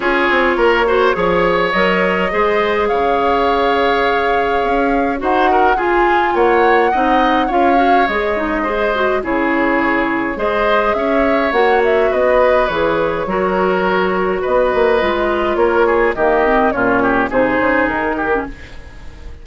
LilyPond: <<
  \new Staff \with { instrumentName = "flute" } { \time 4/4 \tempo 4 = 104 cis''2. dis''4~ | dis''4 f''2.~ | f''4 fis''4 gis''4 fis''4~ | fis''4 f''4 dis''2 |
cis''2 dis''4 e''4 | fis''8 e''8 dis''4 cis''2~ | cis''4 dis''2 cis''4 | dis''4 cis''4 c''4 ais'4 | }
  \new Staff \with { instrumentName = "oboe" } { \time 4/4 gis'4 ais'8 c''8 cis''2 | c''4 cis''2.~ | cis''4 c''8 ais'8 gis'4 cis''4 | dis''4 cis''2 c''4 |
gis'2 c''4 cis''4~ | cis''4 b'2 ais'4~ | ais'4 b'2 ais'8 gis'8 | g'4 f'8 g'8 gis'4. g'8 | }
  \new Staff \with { instrumentName = "clarinet" } { \time 4/4 f'4. fis'8 gis'4 ais'4 | gis'1~ | gis'4 fis'4 f'2 | dis'4 f'8 fis'8 gis'8 dis'8 gis'8 fis'8 |
e'2 gis'2 | fis'2 gis'4 fis'4~ | fis'2 f'2 | ais8 c'8 cis'4 dis'4.~ dis'16 cis'16 | }
  \new Staff \with { instrumentName = "bassoon" } { \time 4/4 cis'8 c'8 ais4 f4 fis4 | gis4 cis2. | cis'4 dis'4 f'4 ais4 | c'4 cis'4 gis2 |
cis2 gis4 cis'4 | ais4 b4 e4 fis4~ | fis4 b8 ais8 gis4 ais4 | dis4 ais,4 c8 cis8 dis4 | }
>>